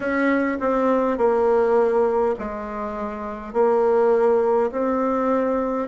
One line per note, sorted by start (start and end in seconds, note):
0.00 0.58 C#4
0.60 1.17 C4
1.17 2.35 A#3
2.39 3.53 G#3
3.53 4.71 A#3
4.71 5.88 C4